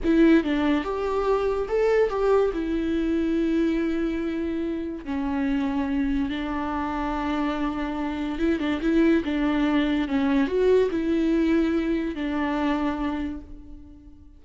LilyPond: \new Staff \with { instrumentName = "viola" } { \time 4/4 \tempo 4 = 143 e'4 d'4 g'2 | a'4 g'4 e'2~ | e'1 | cis'2. d'4~ |
d'1 | e'8 d'8 e'4 d'2 | cis'4 fis'4 e'2~ | e'4 d'2. | }